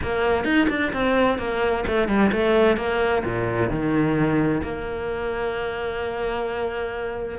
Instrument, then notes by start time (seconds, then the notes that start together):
cello
0.02 A#3
0.44 D#4
0.69 D4
0.92 C4
1.38 A#3
1.87 A3
2.07 G3
2.32 A3
2.77 A#3
3.25 A#2
3.69 D#3
4.62 A#3